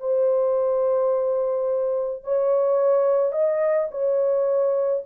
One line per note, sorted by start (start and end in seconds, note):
0.00 2.24 C5
2.24 3.32 C#5
3.32 3.88 D#5
3.91 5.03 C#5